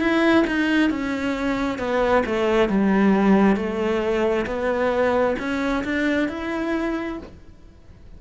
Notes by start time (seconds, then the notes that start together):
0.00 E4
0.47 D#4
0.90 C#4
1.79 B3
2.26 A3
2.69 G3
3.56 A3
4.47 B3
5.39 C#4
5.85 D4
6.28 E4